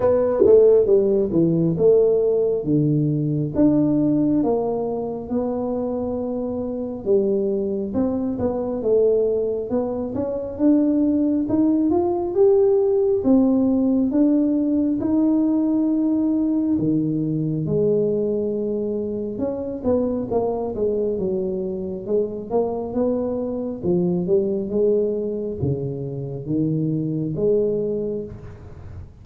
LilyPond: \new Staff \with { instrumentName = "tuba" } { \time 4/4 \tempo 4 = 68 b8 a8 g8 e8 a4 d4 | d'4 ais4 b2 | g4 c'8 b8 a4 b8 cis'8 | d'4 dis'8 f'8 g'4 c'4 |
d'4 dis'2 dis4 | gis2 cis'8 b8 ais8 gis8 | fis4 gis8 ais8 b4 f8 g8 | gis4 cis4 dis4 gis4 | }